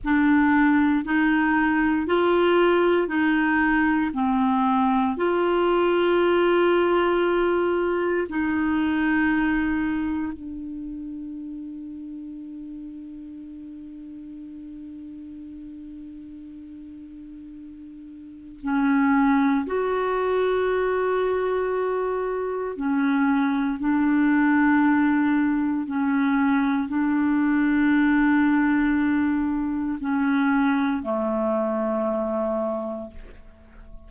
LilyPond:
\new Staff \with { instrumentName = "clarinet" } { \time 4/4 \tempo 4 = 58 d'4 dis'4 f'4 dis'4 | c'4 f'2. | dis'2 d'2~ | d'1~ |
d'2 cis'4 fis'4~ | fis'2 cis'4 d'4~ | d'4 cis'4 d'2~ | d'4 cis'4 a2 | }